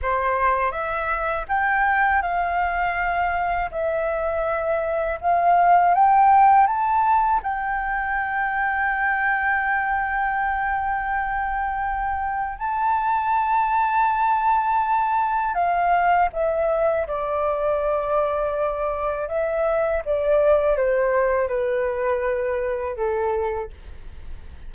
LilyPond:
\new Staff \with { instrumentName = "flute" } { \time 4/4 \tempo 4 = 81 c''4 e''4 g''4 f''4~ | f''4 e''2 f''4 | g''4 a''4 g''2~ | g''1~ |
g''4 a''2.~ | a''4 f''4 e''4 d''4~ | d''2 e''4 d''4 | c''4 b'2 a'4 | }